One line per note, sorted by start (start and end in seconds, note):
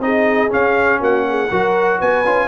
0.00 0.49 C4
0.00 0.50 D#4
0.00 1.01 G#4
0.00 0.51 D#5
0.50 1.48 C#4
0.50 1.01 C#4
0.50 1.02 F5
1.01 1.50 A#3
1.01 1.25 F#4
1.01 2.01 F#5
1.29 1.51 G#4
1.51 2.01 F#3
1.51 2.26 F#4
1.51 1.99 A#4
1.99 2.25 B3
1.99 2.48 B4
1.99 2.48 G#5
2.25 2.48 C#4
2.25 2.48 F4